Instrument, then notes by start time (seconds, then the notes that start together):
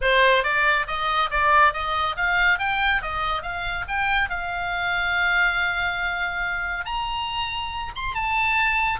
oboe
0.01 C5
0.43 D5
0.87 D#5
1.30 D5
1.73 D#5
2.16 F5
2.59 G5
3.02 D#5
3.42 F5
3.88 G5
4.29 F5
6.85 A#5
7.95 C6
8.14 A5